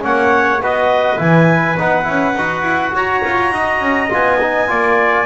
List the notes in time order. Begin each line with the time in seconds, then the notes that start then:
0.00 A#3 C#4 C#5 F#5
0.61 B3 F#4 B4 D#5
1.17 E3 E4 G#5
1.78 B3 D#4 F#5
2.03 C#4 E4
2.35 D#4 F#4
2.62 E4
2.93 F#4 C#5 A#5
3.24 F4
3.51 D#4 D#5
3.80 C#4
4.09 B3 F4 G#5
4.41 D#4
4.67 A#3 F4 D5